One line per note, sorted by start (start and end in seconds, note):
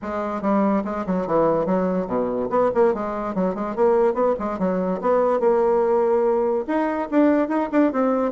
0.02 0.41 G#3
0.41 0.83 G3
0.84 1.05 G#3
1.06 1.26 F#3
1.26 1.66 E3
1.66 2.07 F#3
2.07 2.48 B2
2.49 2.70 B3
2.74 2.94 A#3
2.94 3.34 G#3
3.34 3.55 F#3
3.55 3.75 G#3
3.75 4.14 A#3
4.14 4.34 B3
4.39 4.58 G#3
4.58 5.00 F#3
5.01 5.40 B3
5.40 6.65 A#3
6.67 7.08 D#4
7.10 7.48 D4
7.48 7.69 D#4
7.72 7.92 D4
7.92 8.31 C4